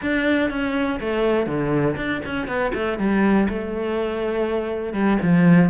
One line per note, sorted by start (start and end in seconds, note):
0.02 0.50 D4
0.50 0.99 C#4
1.00 1.46 A3
1.46 1.96 D3
1.96 2.21 D4
2.25 2.47 C#4
2.47 2.72 B3
2.74 2.98 A3
2.98 3.47 G3
3.48 4.93 A3
4.93 5.18 G3
5.22 5.70 F3